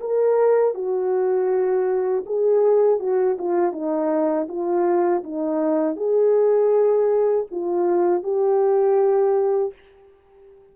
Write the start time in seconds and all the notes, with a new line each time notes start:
0.00 A#4
0.74 F#4
2.26 G#4
2.99 F#4
3.38 F4
3.72 D#4
4.48 F4
5.24 D#4
5.97 G#4
7.51 F4
8.23 G4